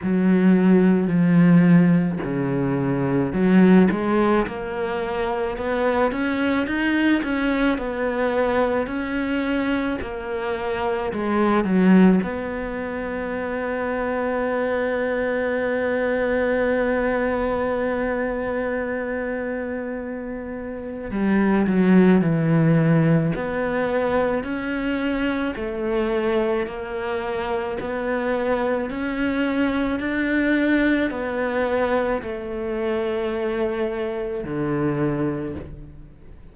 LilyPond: \new Staff \with { instrumentName = "cello" } { \time 4/4 \tempo 4 = 54 fis4 f4 cis4 fis8 gis8 | ais4 b8 cis'8 dis'8 cis'8 b4 | cis'4 ais4 gis8 fis8 b4~ | b1~ |
b2. g8 fis8 | e4 b4 cis'4 a4 | ais4 b4 cis'4 d'4 | b4 a2 d4 | }